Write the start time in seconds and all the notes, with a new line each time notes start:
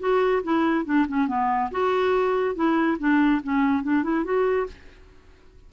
0.00 F#4
0.44 E4
0.85 D4
1.08 C#4
1.28 B3
1.72 F#4
2.56 E4
2.99 D4
3.44 C#4
3.83 D4
4.04 E4
4.25 F#4